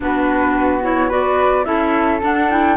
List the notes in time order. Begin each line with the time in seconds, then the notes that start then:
0.00 B3 D4 F#4 B4
0.82 E4 C#5
1.08 F#4 B4 D5
1.64 C#4 E4 A4 E5
2.22 D4 F#5
2.50 E4 G5